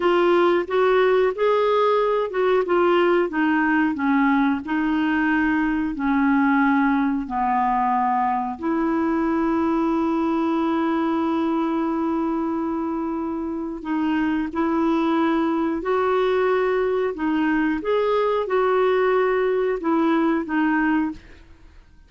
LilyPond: \new Staff \with { instrumentName = "clarinet" } { \time 4/4 \tempo 4 = 91 f'4 fis'4 gis'4. fis'8 | f'4 dis'4 cis'4 dis'4~ | dis'4 cis'2 b4~ | b4 e'2.~ |
e'1~ | e'4 dis'4 e'2 | fis'2 dis'4 gis'4 | fis'2 e'4 dis'4 | }